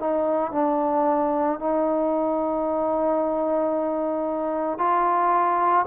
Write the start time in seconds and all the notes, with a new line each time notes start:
0.00 D#4
0.52 D4
1.60 D#4
4.79 F4